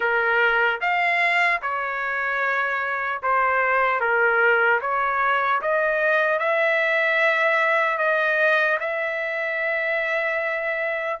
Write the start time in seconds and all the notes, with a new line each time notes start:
0.00 A#4
0.80 F5
1.61 C#5
3.22 C5
4.00 A#4
4.81 C#5
5.61 D#5
6.39 E5
7.97 D#5
8.80 E5